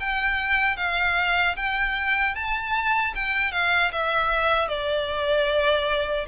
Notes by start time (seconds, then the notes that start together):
0.00 G5
0.77 F5
1.56 G5
2.35 A5
3.15 G5
3.52 F5
3.92 E5
4.68 D5